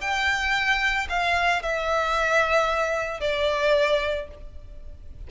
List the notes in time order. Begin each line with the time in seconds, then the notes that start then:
0.00 G5
1.09 F5
1.62 E5
3.20 D5